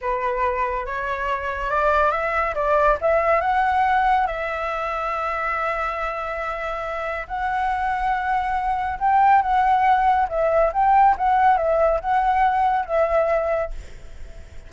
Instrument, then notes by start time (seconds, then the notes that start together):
flute
0.01 B4
0.86 C#5
1.70 D5
2.11 E5
2.54 D5
3.01 E5
3.41 F#5
4.26 E5
7.27 F#5
8.99 G5
9.41 F#5
10.29 E5
10.72 G5
11.17 F#5
11.57 E5
12.00 F#5
12.85 E5